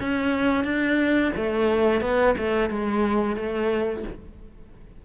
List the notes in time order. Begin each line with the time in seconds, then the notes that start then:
0.00 C#4
0.64 D4
1.36 A3
2.01 B3
2.38 A3
2.70 G#3
3.36 A3